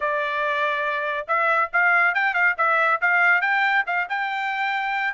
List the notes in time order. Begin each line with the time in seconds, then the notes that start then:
0.00 D5
1.27 E5
1.72 F5
2.14 G5
2.34 F5
2.57 E5
3.01 F5
3.41 G5
3.86 F5
4.09 G5